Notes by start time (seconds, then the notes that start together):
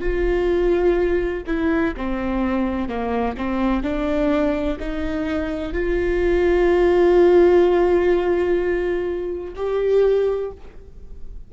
0.00 F4
1.47 E4
1.97 C4
2.89 A#3
3.37 C4
3.83 D4
4.80 D#4
5.73 F4
9.56 G4